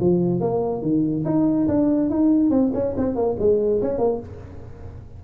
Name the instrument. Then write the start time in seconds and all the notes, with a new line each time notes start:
tuba
0.00 F3
0.40 A#3
0.82 D#3
1.25 D#4
1.68 D4
2.10 D#4
2.50 C4
2.74 C#4
2.97 C4
3.15 A#3
3.39 G#3
3.81 C#4
3.98 A#3